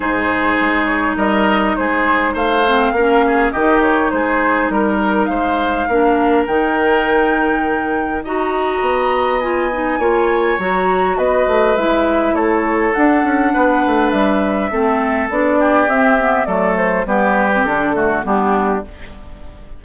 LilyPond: <<
  \new Staff \with { instrumentName = "flute" } { \time 4/4 \tempo 4 = 102 c''4. cis''8 dis''4 c''4 | f''2 dis''8 cis''8 c''4 | ais'4 f''2 g''4~ | g''2 ais''2 |
gis''2 ais''4 dis''4 | e''4 cis''4 fis''2 | e''2 d''4 e''4 | d''8 c''8 b'4 a'4 g'4 | }
  \new Staff \with { instrumentName = "oboe" } { \time 4/4 gis'2 ais'4 gis'4 | c''4 ais'8 gis'8 g'4 gis'4 | ais'4 c''4 ais'2~ | ais'2 dis''2~ |
dis''4 cis''2 b'4~ | b'4 a'2 b'4~ | b'4 a'4. g'4. | a'4 g'4. fis'8 d'4 | }
  \new Staff \with { instrumentName = "clarinet" } { \time 4/4 dis'1~ | dis'8 c'8 cis'4 dis'2~ | dis'2 d'4 dis'4~ | dis'2 fis'2 |
f'8 dis'8 f'4 fis'2 | e'2 d'2~ | d'4 c'4 d'4 c'8 b8 | a4 b8. c'16 d'8 a8 b4 | }
  \new Staff \with { instrumentName = "bassoon" } { \time 4/4 gis,4 gis4 g4 gis4 | a4 ais4 dis4 gis4 | g4 gis4 ais4 dis4~ | dis2 dis'4 b4~ |
b4 ais4 fis4 b8 a8 | gis4 a4 d'8 cis'8 b8 a8 | g4 a4 b4 c'4 | fis4 g4 d4 g4 | }
>>